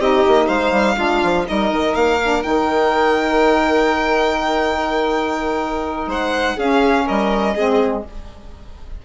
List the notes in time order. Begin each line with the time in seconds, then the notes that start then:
0.00 C4 D#4 G4 D#5
0.28 A#3
0.47 G#3 C5 F5
0.72 G3
0.96 G#3 D4 F4
1.23 F3
1.45 G3 D#4 A#4 D#5
1.72 D#3
1.95 A#3 F5
2.23 D4
2.43 D#3 D#4 G5
6.07 G#3 C5 F#5
6.56 C#4 G#4 F5
7.05 G3 A#4 D#5
7.55 G#3 C4 G#4